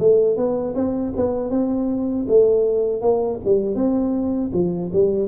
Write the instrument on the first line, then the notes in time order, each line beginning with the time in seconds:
tuba
0.00 A3
0.37 B3
0.75 C4
1.17 B3
1.51 C4
2.29 A3
3.02 A#3
3.45 G3
3.75 C4
4.54 F3
4.93 G3